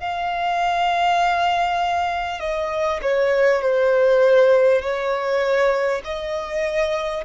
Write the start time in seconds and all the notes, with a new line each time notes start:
0.00 F5
2.39 D#5
3.02 C#5
3.61 C5
4.82 C#5
6.04 D#5